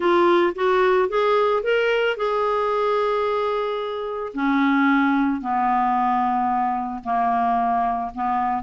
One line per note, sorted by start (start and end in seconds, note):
0.00 0.53 F4
0.55 1.08 F#4
1.08 1.62 G#4
1.63 2.16 A#4
2.16 4.32 G#4
4.34 5.41 C#4
5.41 7.03 B3
7.03 8.11 A#3
8.14 8.62 B3